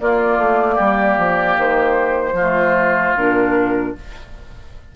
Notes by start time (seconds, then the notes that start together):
0.00 A#3 F4 D5
0.38 A3
0.75 G3 G4
1.18 F3
1.58 D#3 C5
2.33 F3 F4
2.40 A3
3.16 A#2 D4 A#4